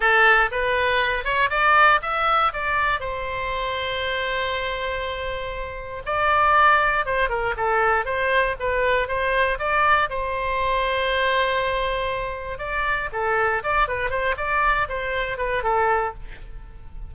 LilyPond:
\new Staff \with { instrumentName = "oboe" } { \time 4/4 \tempo 4 = 119 a'4 b'4. cis''8 d''4 | e''4 d''4 c''2~ | c''1 | d''2 c''8 ais'8 a'4 |
c''4 b'4 c''4 d''4 | c''1~ | c''4 d''4 a'4 d''8 b'8 | c''8 d''4 c''4 b'8 a'4 | }